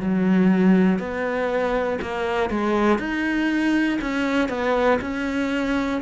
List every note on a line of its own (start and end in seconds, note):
0.00 0.99 F#3
0.99 1.99 B3
2.01 2.50 A#3
2.50 2.99 G#3
2.99 3.99 D#4
4.01 4.49 C#4
4.49 4.99 B3
5.01 6.01 C#4